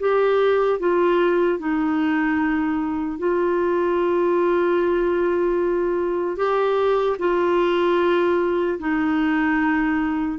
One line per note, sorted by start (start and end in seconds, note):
0.00 0.80 G4
0.80 1.59 F4
1.59 3.19 D#4
3.19 6.37 F4
6.37 7.17 G4
7.19 8.79 F4
8.79 10.39 D#4